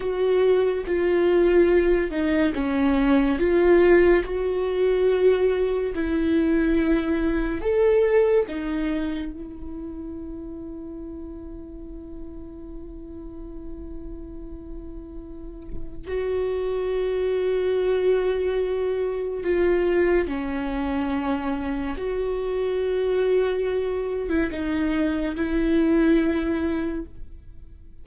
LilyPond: \new Staff \with { instrumentName = "viola" } { \time 4/4 \tempo 4 = 71 fis'4 f'4. dis'8 cis'4 | f'4 fis'2 e'4~ | e'4 a'4 dis'4 e'4~ | e'1~ |
e'2. fis'4~ | fis'2. f'4 | cis'2 fis'2~ | fis'8. e'16 dis'4 e'2 | }